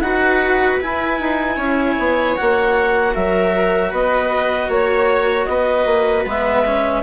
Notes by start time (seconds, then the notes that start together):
0.00 D#4 F#4 B4 F#5
0.80 E4 G#5
1.20 D#4
1.56 C#4 C#5
1.99 B3
2.37 A#3 F#4 F#5
3.15 F#3 A#4 E5
3.90 B3 B4 D#5
4.69 A#3 C#5
5.46 B3 B4 D#5
5.86 A#3
6.25 G#3 B3 E5
6.65 C#4